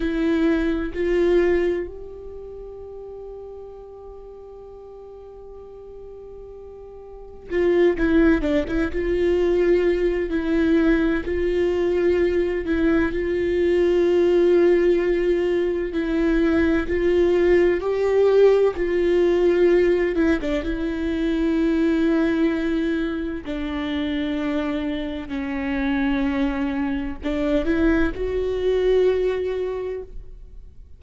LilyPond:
\new Staff \with { instrumentName = "viola" } { \time 4/4 \tempo 4 = 64 e'4 f'4 g'2~ | g'1 | f'8 e'8 d'16 e'16 f'4. e'4 | f'4. e'8 f'2~ |
f'4 e'4 f'4 g'4 | f'4. e'16 d'16 e'2~ | e'4 d'2 cis'4~ | cis'4 d'8 e'8 fis'2 | }